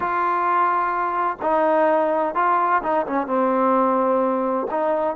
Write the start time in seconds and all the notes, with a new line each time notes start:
0.00 F4
1.41 D#4
2.35 F4
2.82 D#4
3.06 C#4
3.26 C4
4.70 D#4